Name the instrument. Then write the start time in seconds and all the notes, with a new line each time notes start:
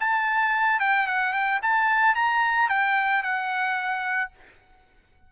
trumpet
0.00 A5
0.80 G5
1.07 F#5
1.33 G5
1.62 A5
2.15 A#5
2.69 G5
3.23 F#5